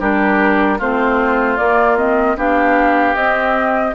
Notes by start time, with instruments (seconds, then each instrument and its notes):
0.00 bassoon G3, clarinet D4, oboe G4, flute A#4
0.79 bassoon A3, clarinet C4, oboe F4, flute C5
1.57 clarinet A#3, bassoon A#3, flute D5
1.97 clarinet C4, flute D#5
2.36 bassoon B3, clarinet D4, oboe G4, flute F5
3.15 bassoon C4, clarinet C4, flute D#5